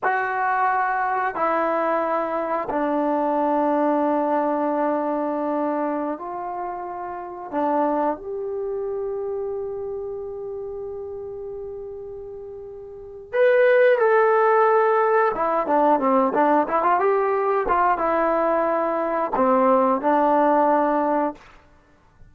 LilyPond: \new Staff \with { instrumentName = "trombone" } { \time 4/4 \tempo 4 = 90 fis'2 e'2 | d'1~ | d'4~ d'16 f'2 d'8.~ | d'16 g'2.~ g'8.~ |
g'1 | b'4 a'2 e'8 d'8 | c'8 d'8 e'16 f'16 g'4 f'8 e'4~ | e'4 c'4 d'2 | }